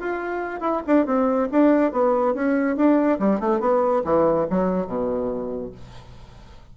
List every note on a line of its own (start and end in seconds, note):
0.00 0.61 F4
0.61 0.82 E4
0.87 1.06 D4
1.06 1.48 C4
1.51 1.92 D4
1.92 2.34 B3
2.34 2.76 C#4
2.76 3.19 D4
3.19 3.40 G3
3.40 3.60 A3
3.60 4.03 B3
4.05 4.47 E3
4.50 4.87 F#3
4.87 5.72 B2